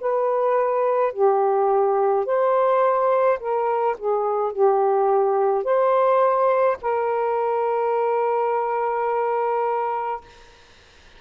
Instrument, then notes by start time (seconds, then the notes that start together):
saxophone
0.00 B4
1.13 G4
2.25 C5
3.40 A#4
3.98 G#4
4.52 G4
5.63 C5
6.82 A#4